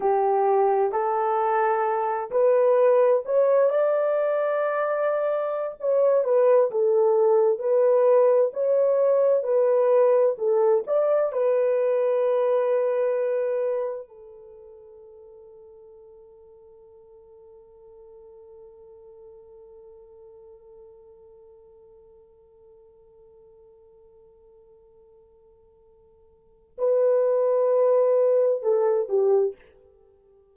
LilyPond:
\new Staff \with { instrumentName = "horn" } { \time 4/4 \tempo 4 = 65 g'4 a'4. b'4 cis''8 | d''2~ d''16 cis''8 b'8 a'8.~ | a'16 b'4 cis''4 b'4 a'8 d''16~ | d''16 b'2. a'8.~ |
a'1~ | a'1~ | a'1~ | a'4 b'2 a'8 g'8 | }